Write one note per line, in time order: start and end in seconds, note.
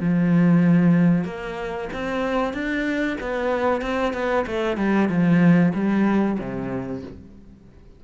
0.00 1.24 F3
1.24 1.88 A#3
1.93 2.53 C4
2.53 3.17 D4
3.20 3.81 B3
3.81 4.13 C4
4.13 4.45 B3
4.46 4.76 A3
4.76 5.09 G3
5.09 5.72 F3
5.74 6.38 G3
6.39 7.02 C3